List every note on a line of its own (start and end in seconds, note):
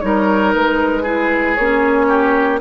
0.00 0.54 G3
0.00 1.04 D#4
0.00 1.02 A#4
0.00 0.52 C#5
0.53 1.58 G#3
0.53 1.55 B4
1.02 1.56 E4
1.02 2.06 G#4
1.55 2.61 A#3
1.55 2.58 C#5
1.61 2.61 C#4
2.08 2.59 G4